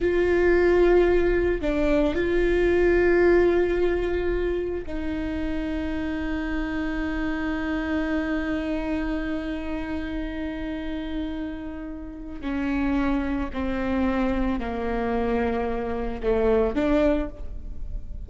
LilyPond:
\new Staff \with { instrumentName = "viola" } { \time 4/4 \tempo 4 = 111 f'2. d'4 | f'1~ | f'4 dis'2.~ | dis'1~ |
dis'1~ | dis'2. cis'4~ | cis'4 c'2 ais4~ | ais2 a4 d'4 | }